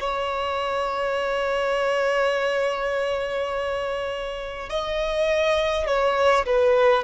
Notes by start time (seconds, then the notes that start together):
0.00 C#5
4.70 D#5
5.87 C#5
6.46 B4